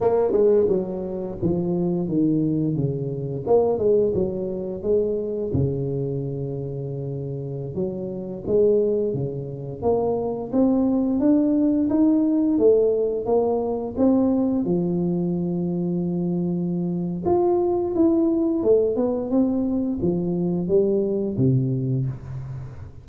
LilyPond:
\new Staff \with { instrumentName = "tuba" } { \time 4/4 \tempo 4 = 87 ais8 gis8 fis4 f4 dis4 | cis4 ais8 gis8 fis4 gis4 | cis2.~ cis16 fis8.~ | fis16 gis4 cis4 ais4 c'8.~ |
c'16 d'4 dis'4 a4 ais8.~ | ais16 c'4 f2~ f8.~ | f4 f'4 e'4 a8 b8 | c'4 f4 g4 c4 | }